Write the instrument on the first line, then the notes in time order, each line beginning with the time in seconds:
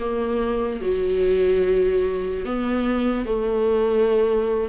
viola
0.00 A#3
0.81 F#3
2.45 B3
3.26 A3